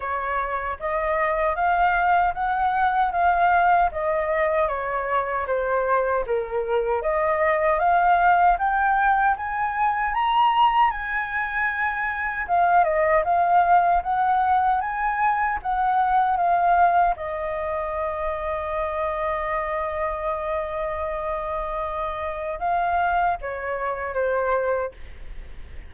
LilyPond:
\new Staff \with { instrumentName = "flute" } { \time 4/4 \tempo 4 = 77 cis''4 dis''4 f''4 fis''4 | f''4 dis''4 cis''4 c''4 | ais'4 dis''4 f''4 g''4 | gis''4 ais''4 gis''2 |
f''8 dis''8 f''4 fis''4 gis''4 | fis''4 f''4 dis''2~ | dis''1~ | dis''4 f''4 cis''4 c''4 | }